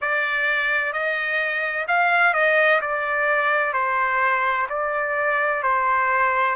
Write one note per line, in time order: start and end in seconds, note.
0.01 0.92 D5
0.92 1.86 D#5
1.87 2.33 F5
2.33 2.80 D#5
2.81 3.73 D5
3.73 4.67 C5
4.69 5.62 D5
5.62 6.55 C5